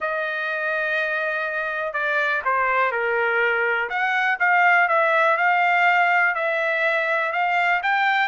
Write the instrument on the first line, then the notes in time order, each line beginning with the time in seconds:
trumpet
0.00 D#5
1.93 D5
2.44 C5
2.91 A#4
3.89 F#5
4.39 F5
4.88 E5
5.37 F5
6.34 E5
7.32 F5
7.82 G5